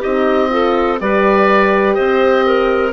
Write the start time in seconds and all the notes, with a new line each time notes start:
0.00 C4 D#4 G4 D#5
0.49 F4 A4
1.00 G3 G4 B4 D5
1.94 C4 C5 D#5
2.46 A#4